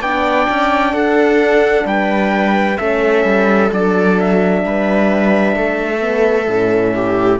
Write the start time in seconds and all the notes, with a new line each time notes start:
0.00 B3 D4 D5 G5
0.49 C#4
0.93 D4 A4 F#5
1.85 G3 B4 G5
2.77 A3 C#4 A4 E5
3.24 G3
3.71 F#3 D4 D5
4.20 E5
4.64 G3 B4
5.56 A3 A4
6.00 B3
6.47 A2 C#4
6.95 G4